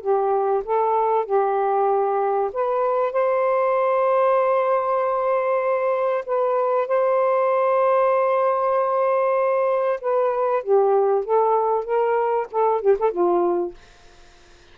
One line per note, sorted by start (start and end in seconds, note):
0.00 0.62 G4
0.64 1.25 A4
1.25 2.50 G4
2.53 3.12 B4
3.12 6.24 C5
6.25 6.87 B4
6.87 10.00 C5
10.01 10.62 B4
10.62 11.24 G4
11.24 11.84 A4
11.84 12.47 A#4
12.51 12.81 A4
12.81 12.97 G4
12.98 13.11 A4
13.11 13.74 F4